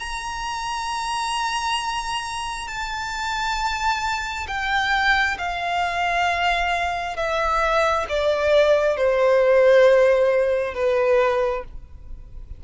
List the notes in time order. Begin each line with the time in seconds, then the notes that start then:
0.00 A#5
2.68 A5
4.48 G5
5.39 F5
7.17 E5
8.09 D5
8.97 C5
10.75 B4